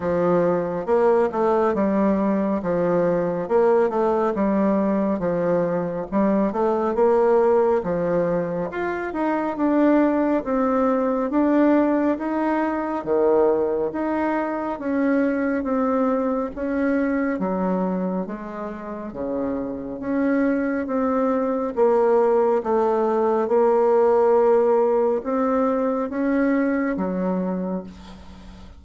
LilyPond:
\new Staff \with { instrumentName = "bassoon" } { \time 4/4 \tempo 4 = 69 f4 ais8 a8 g4 f4 | ais8 a8 g4 f4 g8 a8 | ais4 f4 f'8 dis'8 d'4 | c'4 d'4 dis'4 dis4 |
dis'4 cis'4 c'4 cis'4 | fis4 gis4 cis4 cis'4 | c'4 ais4 a4 ais4~ | ais4 c'4 cis'4 fis4 | }